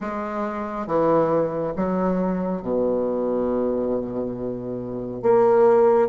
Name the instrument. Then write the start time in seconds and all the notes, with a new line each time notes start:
bassoon
0.00 G#3
0.87 E3
1.76 F#3
2.61 B2
5.22 A#3